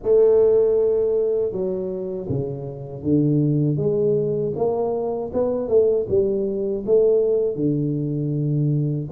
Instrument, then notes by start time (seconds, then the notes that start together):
tuba
0.02 A3
1.52 F#3
2.29 C#3
3.02 D3
3.76 G#3
4.55 A#3
5.33 B3
5.68 A3
6.09 G3
6.86 A3
7.55 D3